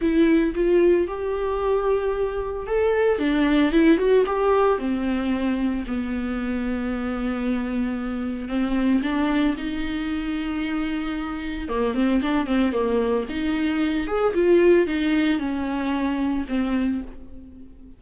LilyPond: \new Staff \with { instrumentName = "viola" } { \time 4/4 \tempo 4 = 113 e'4 f'4 g'2~ | g'4 a'4 d'4 e'8 fis'8 | g'4 c'2 b4~ | b1 |
c'4 d'4 dis'2~ | dis'2 ais8 c'8 d'8 c'8 | ais4 dis'4. gis'8 f'4 | dis'4 cis'2 c'4 | }